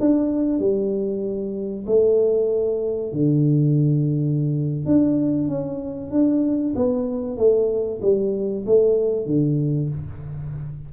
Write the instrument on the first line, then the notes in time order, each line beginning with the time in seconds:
tuba
0.00 D4
0.59 G3
1.86 A3
3.12 D3
4.85 D4
5.48 C#4
6.11 D4
6.76 B3
7.37 A3
8.01 G3
8.66 A3
9.26 D3